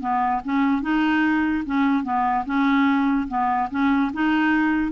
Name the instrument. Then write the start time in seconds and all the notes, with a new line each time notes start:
clarinet
0.00 B3
0.44 C#4
0.82 D#4
1.65 C#4
2.04 B3
2.45 C#4
3.28 B3
3.70 C#4
4.13 D#4